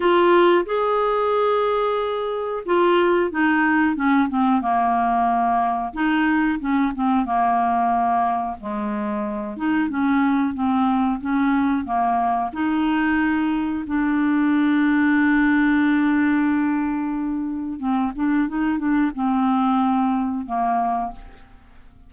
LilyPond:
\new Staff \with { instrumentName = "clarinet" } { \time 4/4 \tempo 4 = 91 f'4 gis'2. | f'4 dis'4 cis'8 c'8 ais4~ | ais4 dis'4 cis'8 c'8 ais4~ | ais4 gis4. dis'8 cis'4 |
c'4 cis'4 ais4 dis'4~ | dis'4 d'2.~ | d'2. c'8 d'8 | dis'8 d'8 c'2 ais4 | }